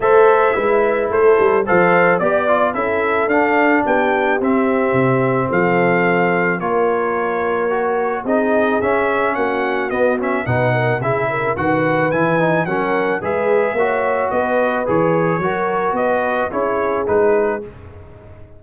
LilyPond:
<<
  \new Staff \with { instrumentName = "trumpet" } { \time 4/4 \tempo 4 = 109 e''2 c''4 f''4 | d''4 e''4 f''4 g''4 | e''2 f''2 | cis''2. dis''4 |
e''4 fis''4 dis''8 e''8 fis''4 | e''4 fis''4 gis''4 fis''4 | e''2 dis''4 cis''4~ | cis''4 dis''4 cis''4 b'4 | }
  \new Staff \with { instrumentName = "horn" } { \time 4/4 c''4 b'4 a'4 c''4 | d''4 a'2 g'4~ | g'2 a'2 | ais'2. gis'4~ |
gis'4 fis'2 b'8 ais'8 | gis'8 ais'8 b'2 ais'4 | b'4 cis''4 b'2 | ais'4 b'4 gis'2 | }
  \new Staff \with { instrumentName = "trombone" } { \time 4/4 a'4 e'2 a'4 | g'8 f'8 e'4 d'2 | c'1 | f'2 fis'4 dis'4 |
cis'2 b8 cis'8 dis'4 | e'4 fis'4 e'8 dis'8 cis'4 | gis'4 fis'2 gis'4 | fis'2 e'4 dis'4 | }
  \new Staff \with { instrumentName = "tuba" } { \time 4/4 a4 gis4 a8 g8 f4 | b4 cis'4 d'4 b4 | c'4 c4 f2 | ais2. c'4 |
cis'4 ais4 b4 b,4 | cis4 dis4 e4 fis4 | gis4 ais4 b4 e4 | fis4 b4 cis'4 gis4 | }
>>